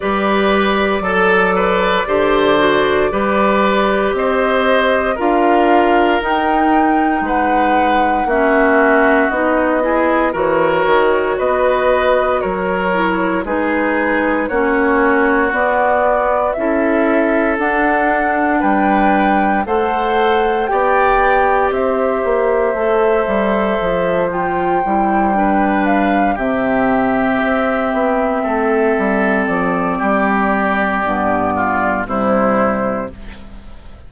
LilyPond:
<<
  \new Staff \with { instrumentName = "flute" } { \time 4/4 \tempo 4 = 58 d''1 | dis''4 f''4 g''4 fis''4 | e''4 dis''4 cis''4 dis''4 | cis''4 b'4 cis''4 d''4 |
e''4 fis''4 g''4 fis''4 | g''4 e''2~ e''8 g''8~ | g''4 f''8 e''2~ e''8~ | e''8 d''2~ d''8 c''4 | }
  \new Staff \with { instrumentName = "oboe" } { \time 4/4 b'4 a'8 b'8 c''4 b'4 | c''4 ais'2 b'4 | fis'4. gis'8 ais'4 b'4 | ais'4 gis'4 fis'2 |
a'2 b'4 c''4 | d''4 c''2.~ | c''8 b'4 g'2 a'8~ | a'4 g'4. f'8 e'4 | }
  \new Staff \with { instrumentName = "clarinet" } { \time 4/4 g'4 a'4 g'8 fis'8 g'4~ | g'4 f'4 dis'2 | cis'4 dis'8 e'8 fis'2~ | fis'8 e'8 dis'4 cis'4 b4 |
e'4 d'2 a'4 | g'2 a'4. f'8 | e'8 d'4 c'2~ c'8~ | c'2 b4 g4 | }
  \new Staff \with { instrumentName = "bassoon" } { \time 4/4 g4 fis4 d4 g4 | c'4 d'4 dis'4 gis4 | ais4 b4 e8 dis8 b4 | fis4 gis4 ais4 b4 |
cis'4 d'4 g4 a4 | b4 c'8 ais8 a8 g8 f4 | g4. c4 c'8 b8 a8 | g8 f8 g4 g,4 c4 | }
>>